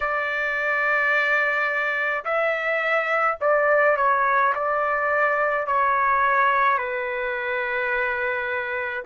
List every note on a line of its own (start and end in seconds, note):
0.00 2.24 D5
2.24 3.38 E5
3.40 3.96 D5
3.96 4.53 C#5
4.54 5.66 D5
5.66 6.78 C#5
6.78 9.04 B4